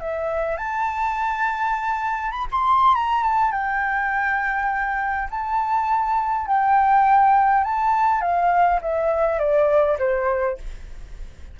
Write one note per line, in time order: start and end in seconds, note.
0.00 0.57 E5
0.57 2.31 A5
2.31 2.46 B5
2.52 2.95 C6
2.95 3.24 A#5
3.24 3.52 A5
3.52 5.28 G5
5.30 6.47 A5
6.47 7.64 G5
7.64 8.21 A5
8.21 8.80 F5
8.82 9.39 E5
9.39 9.98 D5
9.99 10.57 C5